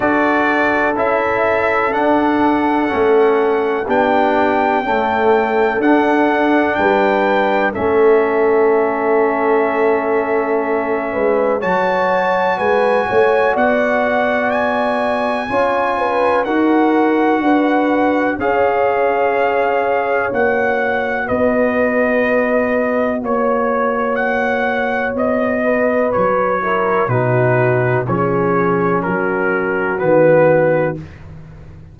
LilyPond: <<
  \new Staff \with { instrumentName = "trumpet" } { \time 4/4 \tempo 4 = 62 d''4 e''4 fis''2 | g''2 fis''4 g''4 | e''1 | a''4 gis''4 fis''4 gis''4~ |
gis''4 fis''2 f''4~ | f''4 fis''4 dis''2 | cis''4 fis''4 dis''4 cis''4 | b'4 cis''4 ais'4 b'4 | }
  \new Staff \with { instrumentName = "horn" } { \time 4/4 a'1 | g'4 a'2 b'4 | a'2.~ a'8 b'8 | cis''4 b'8 cis''8 d''2 |
cis''8 b'8 ais'4 b'4 cis''4~ | cis''2 b'2 | cis''2~ cis''8 b'4 ais'8 | fis'4 gis'4 fis'2 | }
  \new Staff \with { instrumentName = "trombone" } { \time 4/4 fis'4 e'4 d'4 cis'4 | d'4 a4 d'2 | cis'1 | fis'1 |
f'4 fis'2 gis'4~ | gis'4 fis'2.~ | fis'2.~ fis'8 e'8 | dis'4 cis'2 b4 | }
  \new Staff \with { instrumentName = "tuba" } { \time 4/4 d'4 cis'4 d'4 a4 | b4 cis'4 d'4 g4 | a2.~ a8 gis8 | fis4 gis8 a8 b2 |
cis'4 dis'4 d'4 cis'4~ | cis'4 ais4 b2 | ais2 b4 fis4 | b,4 f4 fis4 dis4 | }
>>